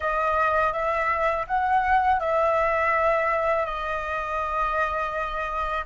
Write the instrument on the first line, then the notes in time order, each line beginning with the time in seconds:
flute
0.00 D#5
0.73 E5
1.47 F#5
2.20 E5
3.66 D#5